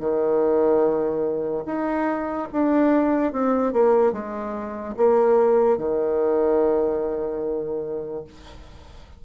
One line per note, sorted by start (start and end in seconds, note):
0.00 1.64 D#3
1.66 2.48 D#4
2.53 3.33 D4
3.33 3.73 C4
3.73 4.13 A#3
4.13 4.95 G#3
4.97 5.78 A#3
5.78 8.25 D#3